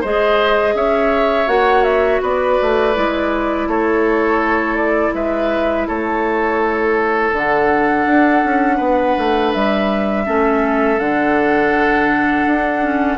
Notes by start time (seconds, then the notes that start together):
0.00 G#3 G#4 C5 D#5
0.74 C#4 C#5 E5
1.46 A#3 F#4 F#5
1.83 E5
2.21 B3 B4 D5
2.61 A3
2.94 G#3 E4
3.67 A3 A4 C#5
4.76 D5
5.13 G#3 B4 E5
5.87 A3 A4 C#5
7.32 D3 D4 F#5
8.06 D4
8.44 C#4
8.76 B3 B4
9.17 A3
9.53 G3 E5
10.25 A3 C#4 A4
10.98 D3 D4 F#5
12.46 D4
12.81 C#4